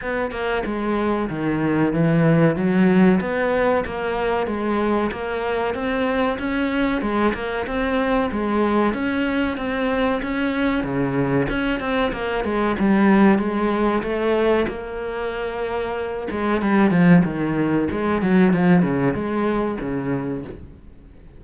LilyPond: \new Staff \with { instrumentName = "cello" } { \time 4/4 \tempo 4 = 94 b8 ais8 gis4 dis4 e4 | fis4 b4 ais4 gis4 | ais4 c'4 cis'4 gis8 ais8 | c'4 gis4 cis'4 c'4 |
cis'4 cis4 cis'8 c'8 ais8 gis8 | g4 gis4 a4 ais4~ | ais4. gis8 g8 f8 dis4 | gis8 fis8 f8 cis8 gis4 cis4 | }